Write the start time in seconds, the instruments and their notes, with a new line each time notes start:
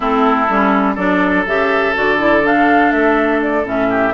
0.00 bassoon A3, clarinet C4, oboe E4, flute A4
0.49 bassoon G3, clarinet C#4
0.94 bassoon F#3, clarinet D4, oboe A4, flute D5
1.46 bassoon C#3, clarinet G4, flute E5
1.94 bassoon D3, clarinet F#4, flute D5
2.18 clarinet E4
2.43 clarinet D4, flute F5
2.91 bassoon A3, flute E5
3.42 flute D5
3.64 bassoon A2, clarinet C#4, flute E5
3.89 oboe G4